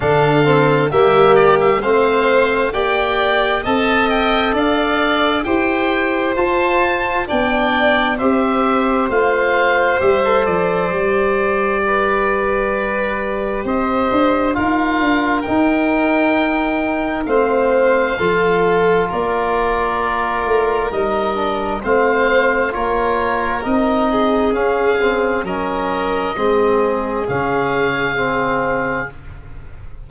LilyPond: <<
  \new Staff \with { instrumentName = "oboe" } { \time 4/4 \tempo 4 = 66 f''4 e''8 d''16 e''16 f''4 g''4 | a''8 g''8 f''4 g''4 a''4 | g''4 e''4 f''4 e''8 d''8~ | d''2. dis''4 |
f''4 g''2 f''4~ | f''4 d''2 dis''4 | f''4 cis''4 dis''4 f''4 | dis''2 f''2 | }
  \new Staff \with { instrumentName = "violin" } { \time 4/4 a'4 g'4 c''4 d''4 | dis''4 d''4 c''2 | d''4 c''2.~ | c''4 b'2 c''4 |
ais'2. c''4 | a'4 ais'2. | c''4 ais'4. gis'4. | ais'4 gis'2. | }
  \new Staff \with { instrumentName = "trombone" } { \time 4/4 d'8 c'8 ais4 c'4 g'4 | a'2 g'4 f'4 | d'4 g'4 f'4 g'16 a'8. | g'1 |
f'4 dis'2 c'4 | f'2. dis'8 d'8 | c'4 f'4 dis'4 cis'8 c'8 | cis'4 c'4 cis'4 c'4 | }
  \new Staff \with { instrumentName = "tuba" } { \time 4/4 d4 g4 a4 ais4 | c'4 d'4 e'4 f'4 | b4 c'4 a4 g8 f8 | g2. c'8 d'8 |
dis'8 d'8 dis'2 a4 | f4 ais4. a8 g4 | a4 ais4 c'4 cis'4 | fis4 gis4 cis2 | }
>>